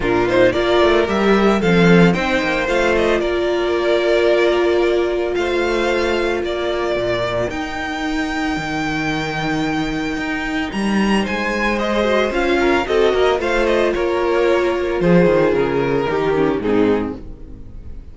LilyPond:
<<
  \new Staff \with { instrumentName = "violin" } { \time 4/4 \tempo 4 = 112 ais'8 c''8 d''4 e''4 f''4 | g''4 f''8 dis''8 d''2~ | d''2 f''2 | d''2 g''2~ |
g''1 | ais''4 gis''4 dis''4 f''4 | dis''4 f''8 dis''8 cis''2 | c''4 ais'2 gis'4 | }
  \new Staff \with { instrumentName = "violin" } { \time 4/4 f'4 ais'2 a'4 | c''2 ais'2~ | ais'2 c''2 | ais'1~ |
ais'1~ | ais'4 c''2~ c''8 ais'8 | a'8 ais'8 c''4 ais'2 | gis'2 g'4 dis'4 | }
  \new Staff \with { instrumentName = "viola" } { \time 4/4 d'8 dis'8 f'4 g'4 c'4 | dis'4 f'2.~ | f'1~ | f'2 dis'2~ |
dis'1~ | dis'2 gis'8 fis'8 f'4 | fis'4 f'2.~ | f'2 dis'8 cis'8 c'4 | }
  \new Staff \with { instrumentName = "cello" } { \time 4/4 ais,4 ais8 a8 g4 f4 | c'8 ais8 a4 ais2~ | ais2 a2 | ais4 ais,4 dis'2 |
dis2. dis'4 | g4 gis2 cis'4 | c'8 ais8 a4 ais2 | f8 dis8 cis4 dis4 gis,4 | }
>>